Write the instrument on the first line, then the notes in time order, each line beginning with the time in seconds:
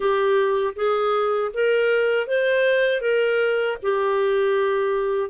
clarinet
0.00 G4
0.75 G#4
1.53 A#4
2.27 C5
3.01 A#4
3.82 G4